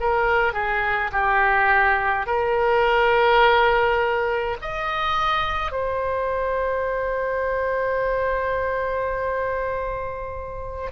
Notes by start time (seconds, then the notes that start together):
0.00 A#4
0.53 G#4
1.12 G4
2.27 A#4
4.62 D#5
5.72 C5